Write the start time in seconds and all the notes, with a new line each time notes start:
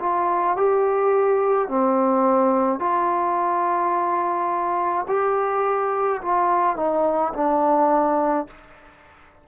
0.00 F4
0.57 G4
1.68 C4
2.79 F4
5.08 G4
6.22 F4
6.76 D#4
7.34 D4